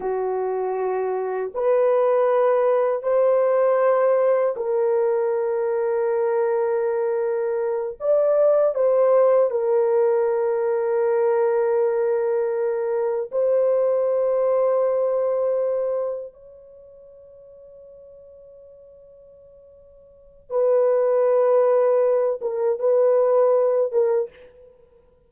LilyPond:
\new Staff \with { instrumentName = "horn" } { \time 4/4 \tempo 4 = 79 fis'2 b'2 | c''2 ais'2~ | ais'2~ ais'8 d''4 c''8~ | c''8 ais'2.~ ais'8~ |
ais'4. c''2~ c''8~ | c''4. cis''2~ cis''8~ | cis''2. b'4~ | b'4. ais'8 b'4. ais'8 | }